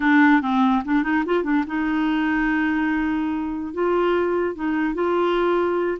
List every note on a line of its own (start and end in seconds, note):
0.00 0.41 D4
0.41 0.83 C4
0.84 1.03 D4
1.03 1.23 D#4
1.25 1.43 F4
1.43 1.64 D4
1.66 3.73 D#4
3.73 4.55 F4
4.55 4.94 D#4
4.94 5.97 F4